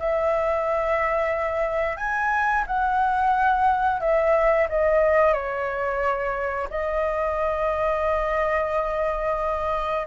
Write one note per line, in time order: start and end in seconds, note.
0.00 1.97 E5
1.97 2.65 G#5
2.67 4.01 F#5
4.01 4.68 E5
4.69 5.34 D#5
5.34 6.68 C#5
6.70 10.07 D#5